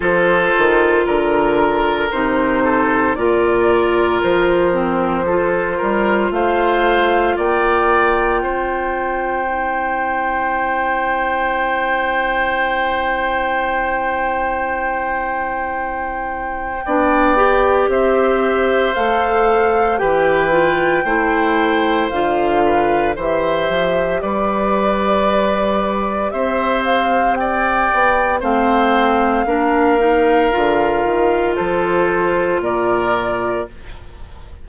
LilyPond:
<<
  \new Staff \with { instrumentName = "flute" } { \time 4/4 \tempo 4 = 57 c''4 ais'4 c''4 d''4 | c''2 f''4 g''4~ | g''1~ | g''1~ |
g''4 e''4 f''4 g''4~ | g''4 f''4 e''4 d''4~ | d''4 e''8 f''8 g''4 f''4~ | f''2 c''4 d''4 | }
  \new Staff \with { instrumentName = "oboe" } { \time 4/4 a'4 ais'4. a'8 ais'4~ | ais'4 a'8 ais'8 c''4 d''4 | c''1~ | c''1 |
d''4 c''2 b'4 | c''4. b'8 c''4 b'4~ | b'4 c''4 d''4 c''4 | ais'2 a'4 ais'4 | }
  \new Staff \with { instrumentName = "clarinet" } { \time 4/4 f'2 dis'4 f'4~ | f'8 c'8 f'2.~ | f'4 e'2.~ | e'1 |
d'8 g'4. a'4 g'8 f'8 | e'4 f'4 g'2~ | g'2. c'4 | d'8 dis'8 f'2. | }
  \new Staff \with { instrumentName = "bassoon" } { \time 4/4 f8 dis8 d4 c4 ais,4 | f4. g8 a4 ais4 | c'1~ | c'1 |
b4 c'4 a4 e4 | a4 d4 e8 f8 g4~ | g4 c'4. b8 a4 | ais4 d8 dis8 f4 ais,4 | }
>>